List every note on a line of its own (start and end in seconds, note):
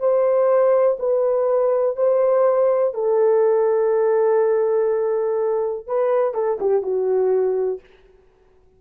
0.00 0.98 C5
1.00 1.97 B4
1.97 2.94 C5
2.94 5.87 A4
5.87 6.34 B4
6.34 6.59 A4
6.60 6.83 G4
6.83 7.80 F#4